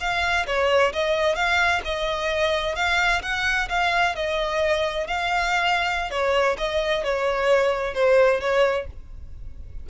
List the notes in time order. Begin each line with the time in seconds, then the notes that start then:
0.00 F5
0.46 C#5
0.93 D#5
1.35 F5
1.84 D#5
2.75 F5
3.22 F#5
3.69 F5
4.15 D#5
5.07 F5
6.10 C#5
6.57 D#5
7.04 C#5
7.94 C5
8.40 C#5